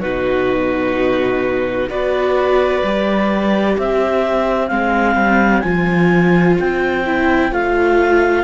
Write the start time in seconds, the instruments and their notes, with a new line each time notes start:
0.00 cello B2, viola D#4, violin F#4, clarinet B4
1.89 cello B3, viola F#4, violin B4, clarinet D5
2.83 cello G3, viola G4
3.78 cello C4, violin C5, clarinet E5
4.68 cello G#3, viola C4, clarinet F5
5.16 cello G3
5.61 cello F3, viola F4, clarinet G#5
6.60 cello C4, clarinet G5
7.06 viola E4
7.52 cello A3, viola F4, clarinet F5